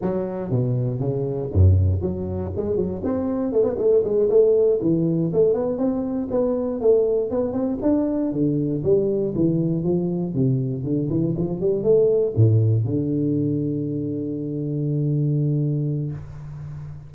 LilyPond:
\new Staff \with { instrumentName = "tuba" } { \time 4/4 \tempo 4 = 119 fis4 b,4 cis4 fis,4 | fis4 gis8 fis8 c'4 a16 b16 a8 | gis8 a4 e4 a8 b8 c'8~ | c'8 b4 a4 b8 c'8 d'8~ |
d'8 d4 g4 e4 f8~ | f8 c4 d8 e8 f8 g8 a8~ | a8 a,4 d2~ d8~ | d1 | }